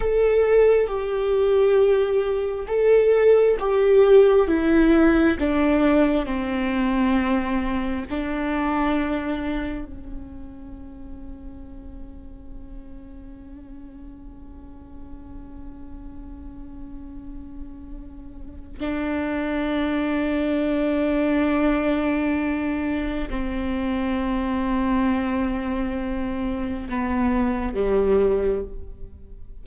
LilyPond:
\new Staff \with { instrumentName = "viola" } { \time 4/4 \tempo 4 = 67 a'4 g'2 a'4 | g'4 e'4 d'4 c'4~ | c'4 d'2 cis'4~ | cis'1~ |
cis'1~ | cis'4 d'2.~ | d'2 c'2~ | c'2 b4 g4 | }